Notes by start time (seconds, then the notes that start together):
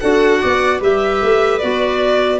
0.00 D4 F#4 A4 F#5
0.41 B3 D5
0.80 G3 G4 B4 E5
1.23 A3
1.59 B3 F#4 D5